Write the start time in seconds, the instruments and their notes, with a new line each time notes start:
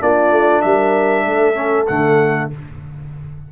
0.00 tuba A#3, trombone D4, horn F4, trumpet D5
0.31 tuba A3
0.62 tuba G3, horn A#4, trumpet E5
1.26 tuba A3, horn A4
1.55 trombone C#4
1.88 tuba D3, trombone A3, trumpet F#5